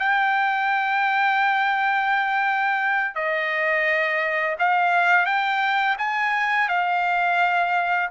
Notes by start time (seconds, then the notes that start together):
0.00 G5
3.15 D#5
4.59 F5
5.26 G5
5.98 G#5
6.69 F5